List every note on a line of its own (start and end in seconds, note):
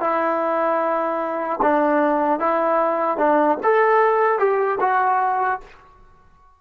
0.00 1.60 E4
1.62 2.40 D4
2.40 3.18 E4
3.18 3.58 D4
3.63 4.39 A4
4.39 4.79 G4
4.80 5.60 F#4